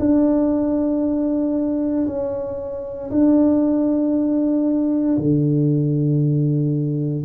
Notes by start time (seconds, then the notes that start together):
0.00 D4
2.07 C#4
3.11 D4
5.18 D3